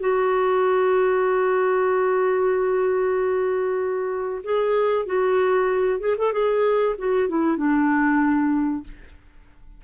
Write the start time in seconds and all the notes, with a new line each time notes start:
0.00 F#4
4.44 G#4
5.06 F#4
6.00 G#4
6.18 A4
6.33 G#4
6.98 F#4
7.29 E4
7.57 D4